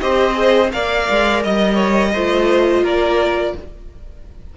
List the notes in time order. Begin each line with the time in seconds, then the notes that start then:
0.00 C4 G4 C5 D#5
0.34 G#4
0.72 A#3 A#4 D5 F5
1.10 G#3
1.44 G3 D#5
1.74 C#5
2.13 A3 F4 C5
2.82 A#3 A#4 D5